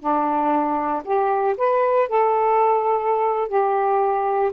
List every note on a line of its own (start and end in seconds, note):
0.00 1.03 D4
1.05 1.57 G4
1.58 2.09 B4
2.09 3.49 A4
3.49 4.52 G4